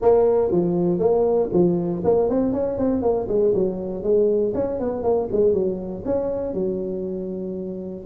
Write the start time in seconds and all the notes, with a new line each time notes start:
0.01 A#3
0.51 F3
0.99 A#3
1.52 F3
2.04 A#3
2.29 C4
2.52 C#4
2.78 C4
3.02 A#3
3.28 G#3
3.54 F#3
4.03 G#3
4.54 C#4
4.79 B3
5.03 A#3
5.32 G#3
5.53 F#3
6.05 C#4
6.53 F#3